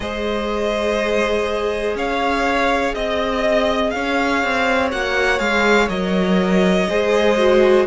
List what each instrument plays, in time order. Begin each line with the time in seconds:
0.00 cello G#3, viola G#4, violin C5 D#5
1.95 cello C#4, violin C#5 F5
2.94 cello C4, violin D#5
3.90 cello C#4, violin C#5 F5
4.43 cello C4
4.91 cello A#3, viola F#4, violin F#5
5.37 cello G#3, viola G#4, violin F5
5.88 cello F#3, viola A#4, violin D#5
6.89 cello G#3, viola G#4, violin C5
7.38 viola F#4